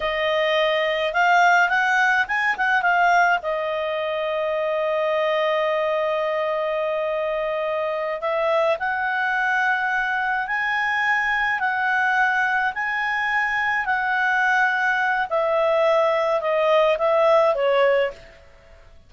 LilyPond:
\new Staff \with { instrumentName = "clarinet" } { \time 4/4 \tempo 4 = 106 dis''2 f''4 fis''4 | gis''8 fis''8 f''4 dis''2~ | dis''1~ | dis''2~ dis''8 e''4 fis''8~ |
fis''2~ fis''8 gis''4.~ | gis''8 fis''2 gis''4.~ | gis''8 fis''2~ fis''8 e''4~ | e''4 dis''4 e''4 cis''4 | }